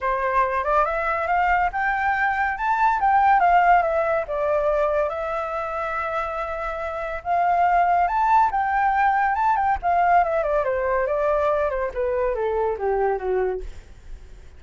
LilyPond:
\new Staff \with { instrumentName = "flute" } { \time 4/4 \tempo 4 = 141 c''4. d''8 e''4 f''4 | g''2 a''4 g''4 | f''4 e''4 d''2 | e''1~ |
e''4 f''2 a''4 | g''2 a''8 g''8 f''4 | e''8 d''8 c''4 d''4. c''8 | b'4 a'4 g'4 fis'4 | }